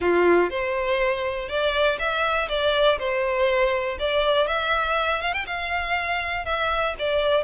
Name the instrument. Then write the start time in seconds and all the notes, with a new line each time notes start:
violin
0.00 F4
0.50 C5
1.49 D5
1.98 E5
2.49 D5
2.98 C5
3.99 D5
4.47 E5
5.21 F5
5.33 G5
5.46 F5
6.45 E5
6.98 D5